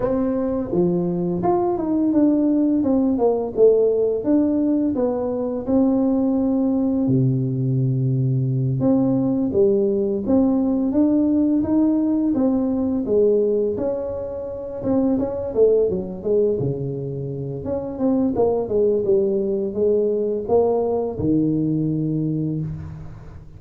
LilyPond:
\new Staff \with { instrumentName = "tuba" } { \time 4/4 \tempo 4 = 85 c'4 f4 f'8 dis'8 d'4 | c'8 ais8 a4 d'4 b4 | c'2 c2~ | c8 c'4 g4 c'4 d'8~ |
d'8 dis'4 c'4 gis4 cis'8~ | cis'4 c'8 cis'8 a8 fis8 gis8 cis8~ | cis4 cis'8 c'8 ais8 gis8 g4 | gis4 ais4 dis2 | }